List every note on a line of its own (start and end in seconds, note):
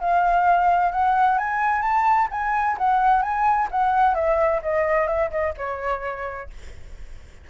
0.00 0.92 F5
0.92 1.38 F#5
1.38 1.82 G#5
1.82 2.28 A5
2.31 2.77 G#5
2.78 3.22 F#5
3.22 3.68 G#5
3.71 4.15 F#5
4.15 4.61 E5
4.62 5.07 D#5
5.07 5.30 E5
5.31 5.54 D#5
5.57 6.50 C#5